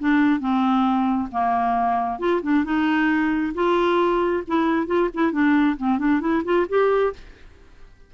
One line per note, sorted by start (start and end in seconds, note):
0.00 0.40 D4
0.40 1.29 C4
1.32 2.20 A#3
2.20 2.42 F4
2.43 2.65 D4
2.65 3.54 D#4
3.55 4.44 F4
4.48 4.87 E4
4.87 5.10 F4
5.14 5.33 E4
5.33 5.77 D4
5.78 5.99 C4
5.99 6.21 D4
6.21 6.43 E4
6.45 6.67 F4
6.69 7.14 G4